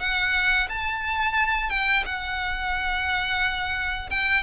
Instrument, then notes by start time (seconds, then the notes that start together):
violin
0.00 F#5
0.69 A5
1.70 G5
2.05 F#5
4.10 G5